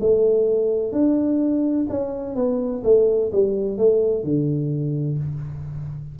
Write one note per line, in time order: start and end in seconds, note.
0.00 0.92 A3
0.92 1.86 D4
1.89 2.35 C#4
2.35 2.82 B3
2.84 3.31 A3
3.32 3.78 G3
3.78 4.24 A3
4.24 5.18 D3